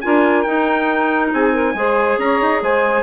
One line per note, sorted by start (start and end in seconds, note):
0.00 0.45 D4
0.00 0.45 F4
0.00 1.34 A#4
0.00 0.42 G#5
0.42 1.32 D#4
0.42 1.75 D#4
0.42 1.28 G5
1.32 1.74 C4
1.32 1.52 G#4
1.32 2.19 G#5
1.52 1.74 A#4
1.74 2.17 G#3
1.74 3.02 G#4
1.74 2.21 C5
2.18 2.39 C#4
2.18 2.62 C#5
2.18 2.62 A#5
2.41 2.62 D#4
2.62 3.02 G#3
2.62 3.02 C5
2.62 3.02 G#5